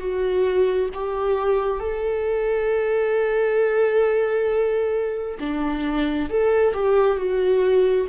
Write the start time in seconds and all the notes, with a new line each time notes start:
0.00 F#4
0.94 G4
1.80 A4
5.40 D4
6.30 A4
6.74 G4
7.18 F#4